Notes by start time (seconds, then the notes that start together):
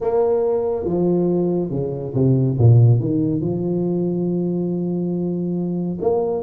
0.00 A#3
0.85 F3
1.70 C#3
2.14 C3
2.58 A#2
3.00 D#3
3.41 F3
6.00 A#3